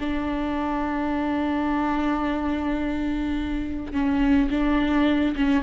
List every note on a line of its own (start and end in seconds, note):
0.00 3.93 D4
3.93 4.50 C#4
4.51 5.36 D4
5.36 5.63 C#4